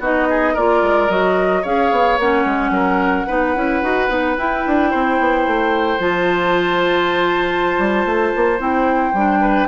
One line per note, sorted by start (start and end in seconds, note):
0.00 0.55 B3
0.00 0.57 D#4
0.00 0.28 F#4
0.00 0.56 D#5
0.30 0.54 G#4
0.54 0.83 A#3
0.54 1.09 F4
0.54 1.62 A#4
0.54 1.10 D5
0.83 1.09 G#3
1.09 1.64 F#3
1.09 1.64 F#4
1.09 1.65 D#5
1.62 1.91 C#4
1.62 2.19 G#4
1.62 2.71 C#5
1.62 2.20 F5
1.91 2.18 B3
2.18 2.45 A#3
2.18 3.28 C#4
2.18 4.38 F#5
2.45 2.70 G#3
2.70 3.25 F#3
2.70 3.27 A#4
3.27 3.55 B3
3.27 3.55 D#4
3.27 4.91 B4
3.55 3.83 C#4
3.55 3.83 E4
3.83 4.09 D#4
3.83 4.09 F#4
4.09 4.36 B3
4.09 4.36 D#4
4.38 4.65 E4
4.38 5.99 E4
4.38 6.01 G5
4.67 4.94 D4
4.91 5.20 C4
4.91 9.41 C5
5.20 5.47 B3
5.47 5.99 A3
5.99 7.76 F3
5.99 8.58 F4
5.99 8.60 A5
7.79 8.05 G3
8.05 8.33 A3
8.36 8.60 A#3
8.59 9.13 C4
8.59 9.13 E4
8.59 9.68 G5
9.13 9.68 G3
9.13 9.68 D4
9.41 9.68 B4